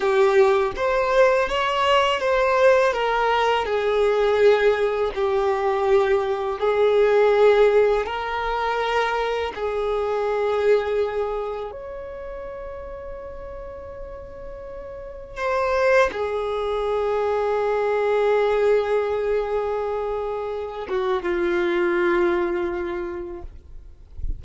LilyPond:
\new Staff \with { instrumentName = "violin" } { \time 4/4 \tempo 4 = 82 g'4 c''4 cis''4 c''4 | ais'4 gis'2 g'4~ | g'4 gis'2 ais'4~ | ais'4 gis'2. |
cis''1~ | cis''4 c''4 gis'2~ | gis'1~ | gis'8 fis'8 f'2. | }